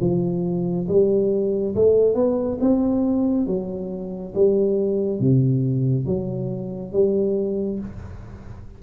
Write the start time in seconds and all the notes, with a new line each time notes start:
0.00 F3
0.88 G3
1.75 A3
2.15 B3
2.60 C4
3.47 F#3
4.34 G3
5.20 C3
6.06 F#3
6.92 G3